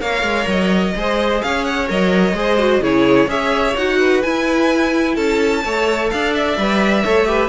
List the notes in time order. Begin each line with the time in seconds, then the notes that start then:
0.00 A#3 A#4 C#5 F5
0.22 G#3
0.47 F#3 D#5
0.95 G#3 G#4 C5
1.42 C#4 C#5 F5
1.64 F#5
1.88 F#3 A#4 D#5
2.33 G#3 G#4 C5
2.59 F#4
2.80 C#3 E4 G#4 C#5
3.28 C#4 G#4 C#5 E5
3.76 D#4 F#4 F#5
3.99 B4
4.23 E4 G#5
5.15 C#4 A4 A5
5.65 A3 A4 C#5
6.10 D4 D5 F5
6.34 E5
6.57 G3 B4
7.04 A3 A4 C#5
7.26 G4 B4